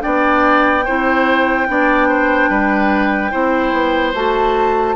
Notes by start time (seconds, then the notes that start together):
0.00 B3 D4 D5 G5
0.84 C4 E4 C5
1.68 B3 D4 D5
2.08 C5
2.49 G3 B4
3.31 C4 E4 C5
3.72 B3
4.14 A3 F#4 A5